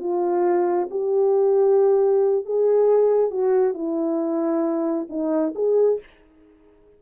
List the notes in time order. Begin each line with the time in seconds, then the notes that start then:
0.00 F4
0.91 G4
2.45 G#4
3.31 F#4
3.74 E4
5.10 D#4
5.55 G#4